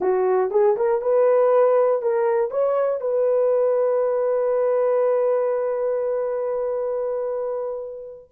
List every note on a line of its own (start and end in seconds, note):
0.00 0.50 F#4
0.50 0.76 G#4
0.76 1.01 A#4
1.01 2.02 B4
2.02 2.50 A#4
2.50 3.00 C#5
3.00 8.30 B4